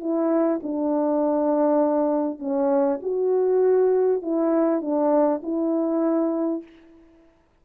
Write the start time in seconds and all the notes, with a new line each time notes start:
0.00 E4
0.63 D4
2.39 C#4
3.02 F#4
4.22 E4
4.81 D4
5.43 E4